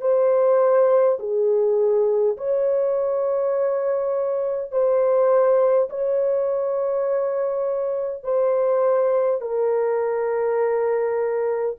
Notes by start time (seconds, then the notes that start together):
0.00 C5
1.19 G#4
2.37 C#5
4.71 C5
5.89 C#5
8.24 C5
9.41 A#4